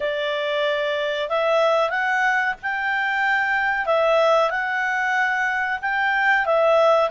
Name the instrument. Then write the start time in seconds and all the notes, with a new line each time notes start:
clarinet
0.00 D5
1.29 E5
1.90 F#5
2.62 G5
3.85 E5
4.50 F#5
5.81 G5
6.45 E5